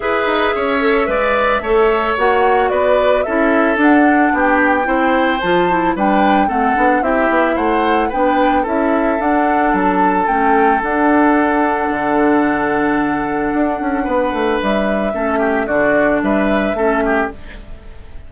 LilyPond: <<
  \new Staff \with { instrumentName = "flute" } { \time 4/4 \tempo 4 = 111 e''1 | fis''4 d''4 e''4 fis''4 | g''2 a''4 g''4 | fis''4 e''4 fis''4 g''4 |
e''4 fis''4 a''4 g''4 | fis''1~ | fis''2. e''4~ | e''4 d''4 e''2 | }
  \new Staff \with { instrumentName = "oboe" } { \time 4/4 b'4 cis''4 d''4 cis''4~ | cis''4 b'4 a'2 | g'4 c''2 b'4 | a'4 g'4 c''4 b'4 |
a'1~ | a'1~ | a'2 b'2 | a'8 g'8 fis'4 b'4 a'8 g'8 | }
  \new Staff \with { instrumentName = "clarinet" } { \time 4/4 gis'4. a'8 b'4 a'4 | fis'2 e'4 d'4~ | d'4 e'4 f'8 e'8 d'4 | c'8 d'8 e'2 d'4 |
e'4 d'2 cis'4 | d'1~ | d'1 | cis'4 d'2 cis'4 | }
  \new Staff \with { instrumentName = "bassoon" } { \time 4/4 e'8 dis'8 cis'4 gis4 a4 | ais4 b4 cis'4 d'4 | b4 c'4 f4 g4 | a8 b8 c'8 b8 a4 b4 |
cis'4 d'4 fis4 a4 | d'2 d2~ | d4 d'8 cis'8 b8 a8 g4 | a4 d4 g4 a4 | }
>>